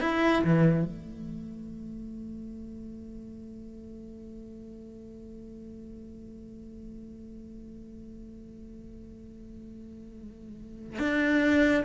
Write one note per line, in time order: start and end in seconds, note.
0.00 0.42 E4
0.44 0.85 E3
0.85 10.99 A3
10.99 11.83 D4